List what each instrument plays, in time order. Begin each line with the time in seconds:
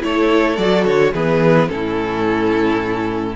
0.00 cello A3, viola E4, violin C#5
0.07 violin A4
0.56 cello F#3, viola F#4, violin D5
0.85 cello D3, violin C#5
1.13 cello E3, viola B3, violin G#4 B4
1.68 cello A2, viola C#4, violin E4 A4